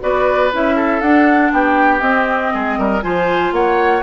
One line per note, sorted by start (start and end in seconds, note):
0.00 0.53 B3
0.00 0.50 F#4
0.00 0.76 B4
0.00 0.52 D5
0.51 1.01 C#4
0.51 1.02 E4
0.51 1.01 E5
0.76 1.52 A4
1.01 1.51 D4
1.01 2.00 D4
1.01 1.52 F#5
1.52 2.01 B3
1.52 2.53 G4
1.52 2.01 G5
2.00 3.01 C4
2.00 2.51 C4
2.00 3.01 D#5
2.53 2.78 G#3
2.53 2.78 G#4
2.78 3.03 G3
2.78 3.03 A#4
3.02 3.52 F3
3.02 4.03 F4
3.02 3.54 C5
3.02 3.52 G#5
3.52 4.02 A#3
3.52 4.03 C#5
3.52 4.03 F#5